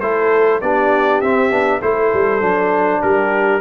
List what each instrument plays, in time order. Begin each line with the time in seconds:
0.00 tuba A3, trombone E4, horn A4, trumpet C5
0.61 tuba B3, trombone D4, horn G4, trumpet D5
1.22 tuba C4, trombone C4, trumpet E5
1.51 tuba B3, trombone D4
1.82 tuba A3, trombone E4, horn A4, trumpet C5
2.14 tuba G3
2.41 tuba F#3, trombone D4
3.01 tuba G3, horn G4, trumpet A#4